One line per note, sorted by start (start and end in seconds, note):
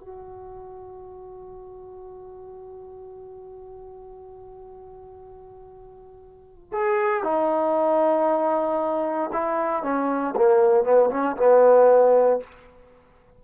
0.00 6.72 F#4
6.72 7.23 G#4
7.23 9.30 D#4
9.32 9.83 E4
9.83 10.35 C#4
10.36 10.84 A#3
10.84 11.10 B3
11.10 11.36 C#4
11.37 12.40 B3